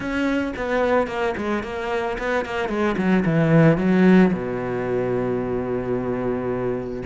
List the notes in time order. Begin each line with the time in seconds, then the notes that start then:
0.00 C#4
0.56 B3
1.07 A#3
1.37 G#3
1.63 A#3
2.18 B3
2.45 A#3
2.68 G#3
2.97 F#3
3.25 E3
3.77 F#3
4.32 B2